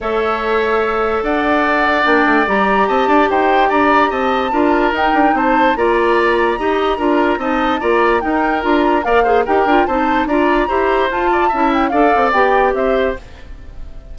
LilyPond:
<<
  \new Staff \with { instrumentName = "flute" } { \time 4/4 \tempo 4 = 146 e''2. fis''4~ | fis''4 g''4 ais''4 a''4 | g''4 ais''4 a''2 | g''4 a''4 ais''2~ |
ais''2 a''4 ais''4 | g''4 ais''4 f''4 g''4 | a''4 ais''2 a''4~ | a''8 g''8 f''4 g''4 e''4 | }
  \new Staff \with { instrumentName = "oboe" } { \time 4/4 cis''2. d''4~ | d''2. dis''8 d''8 | c''4 d''4 dis''4 ais'4~ | ais'4 c''4 d''2 |
dis''4 ais'4 dis''4 d''4 | ais'2 d''8 c''8 ais'4 | c''4 d''4 c''4. d''8 | e''4 d''2 c''4 | }
  \new Staff \with { instrumentName = "clarinet" } { \time 4/4 a'1~ | a'4 d'4 g'2~ | g'2. f'4 | dis'2 f'2 |
g'4 f'4 dis'4 f'4 | dis'4 f'4 ais'8 gis'8 g'8 f'8 | dis'4 f'4 g'4 f'4 | e'4 a'4 g'2 | }
  \new Staff \with { instrumentName = "bassoon" } { \time 4/4 a2. d'4~ | d'4 ais8 a8 g4 c'8 d'8 | dis'4 d'4 c'4 d'4 | dis'8 d'8 c'4 ais2 |
dis'4 d'4 c'4 ais4 | dis'4 d'4 ais4 dis'8 d'8 | c'4 d'4 e'4 f'4 | cis'4 d'8 c'8 b4 c'4 | }
>>